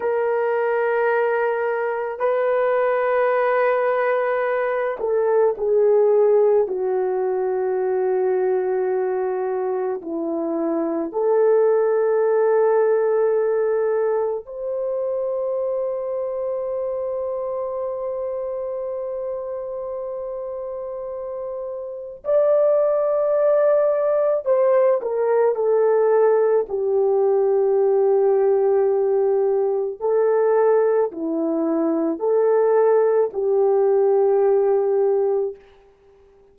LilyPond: \new Staff \with { instrumentName = "horn" } { \time 4/4 \tempo 4 = 54 ais'2 b'2~ | b'8 a'8 gis'4 fis'2~ | fis'4 e'4 a'2~ | a'4 c''2.~ |
c''1 | d''2 c''8 ais'8 a'4 | g'2. a'4 | e'4 a'4 g'2 | }